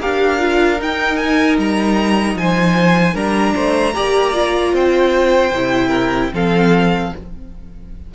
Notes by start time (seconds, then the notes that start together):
0.00 D4 G4 A#4 F5
0.39 F4
0.78 D#4 G5
1.17 G#5
1.58 G3 A#5
2.35 F3 C5 G#5
3.14 G3 D4 A#4 A#5
3.55 A3 C5
3.94 A#3 G4 D5
4.33 F4
4.73 C4 C5 G5
5.52 C3 E4
5.88 A#4
6.33 F3 C4 A4 F5